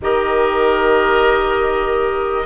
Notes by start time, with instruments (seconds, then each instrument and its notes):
0.01 bassoon D#3, clarinet G4, oboe A#4, flute D#5